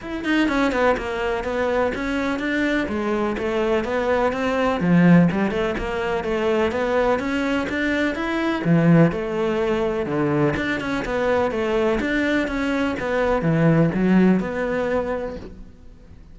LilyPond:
\new Staff \with { instrumentName = "cello" } { \time 4/4 \tempo 4 = 125 e'8 dis'8 cis'8 b8 ais4 b4 | cis'4 d'4 gis4 a4 | b4 c'4 f4 g8 a8 | ais4 a4 b4 cis'4 |
d'4 e'4 e4 a4~ | a4 d4 d'8 cis'8 b4 | a4 d'4 cis'4 b4 | e4 fis4 b2 | }